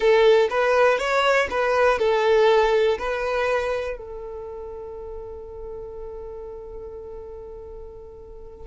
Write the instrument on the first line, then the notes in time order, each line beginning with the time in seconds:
violin
0.00 A4
0.50 B4
0.98 C#5
1.50 B4
1.98 A4
2.98 B4
3.97 A4